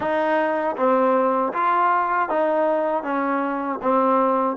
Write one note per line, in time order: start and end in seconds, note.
0.00 0.76 D#4
0.77 1.53 C4
1.53 2.29 F4
2.29 3.03 D#4
3.03 3.79 C#4
3.82 4.56 C4